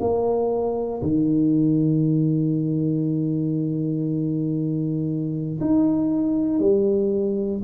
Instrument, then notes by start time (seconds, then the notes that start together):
tuba
0.00 A#3
1.02 D#3
5.61 D#4
6.60 G3